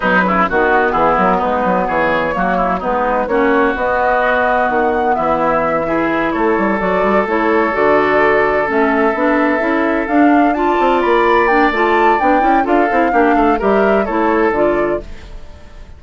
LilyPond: <<
  \new Staff \with { instrumentName = "flute" } { \time 4/4 \tempo 4 = 128 b'4 fis'4 gis'8 ais'8 b'4 | cis''2 b'4 cis''4 | dis''2 fis''4 e''4~ | e''4. cis''4 d''4 cis''8~ |
cis''8 d''2 e''4.~ | e''4. f''4 a''4 b''8~ | b''8 g''8 a''4 g''4 f''4~ | f''4 e''4 cis''4 d''4 | }
  \new Staff \with { instrumentName = "oboe" } { \time 4/4 dis'8 e'8 fis'4 e'4 dis'4 | gis'4 fis'8 e'8 dis'4 fis'4~ | fis'2. e'4~ | e'8 gis'4 a'2~ a'8~ |
a'1~ | a'2~ a'8 d''4.~ | d''2. a'4 | g'8 a'8 ais'4 a'2 | }
  \new Staff \with { instrumentName = "clarinet" } { \time 4/4 fis4 b2.~ | b4 ais4 b4 cis'4 | b1~ | b8 e'2 fis'4 e'8~ |
e'8 fis'2 cis'4 d'8~ | d'8 e'4 d'4 f'4.~ | f'8 d'8 f'4 d'8 e'8 f'8 e'8 | d'4 g'4 e'4 f'4 | }
  \new Staff \with { instrumentName = "bassoon" } { \time 4/4 b,8 cis8 dis4 e8 fis8 gis8 fis8 | e4 fis4 gis4 ais4 | b2 dis4 e4~ | e4. a8 g8 fis8 g8 a8~ |
a8 d2 a4 b8~ | b8 cis'4 d'4. c'8 ais8~ | ais4 a4 b8 cis'8 d'8 c'8 | ais8 a8 g4 a4 d4 | }
>>